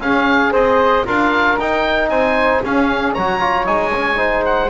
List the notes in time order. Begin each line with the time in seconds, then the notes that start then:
0.00 C#4 G#4 F5
0.52 C4 G#4 C5 D#5
1.05 D4 F4 A#4 F5
1.59 D#4 G5
2.08 C4 C5 G#5
2.63 C#4 G#4 F5
3.14 F#3 F#4 C#5 A#5
3.40 F4
3.65 G#3 D#4 G#5
3.94 C#4
4.16 D#4 C5
4.45 F#5